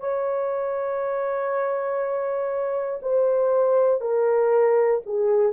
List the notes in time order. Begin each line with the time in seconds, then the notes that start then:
0.00 C#5
3.02 C5
4.00 A#4
5.06 G#4